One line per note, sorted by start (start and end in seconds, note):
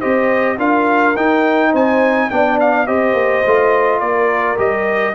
0.00 0.59 C4
0.00 0.58 G4
0.00 0.57 C5
0.00 0.58 D#5
0.58 1.16 D4
0.58 1.15 F4
0.58 1.71 A#4
0.58 1.17 F5
1.16 1.73 D#4
1.16 2.31 D#4
1.16 1.74 G5
1.71 2.31 C4
1.71 2.28 C5
1.71 2.30 G#5
2.30 2.89 B3
2.30 2.87 D4
2.30 2.87 D5
2.30 2.59 G5
2.61 2.87 F5
2.87 3.14 C4
2.87 3.44 G4
2.87 4.01 C5
2.87 4.01 D#5
3.14 3.43 A#3
3.46 4.01 A3
3.46 4.57 F4
4.01 4.58 A#3
4.01 5.15 A#4
4.01 4.58 D5
4.57 5.15 G3
4.57 5.14 G4
4.57 5.15 D#5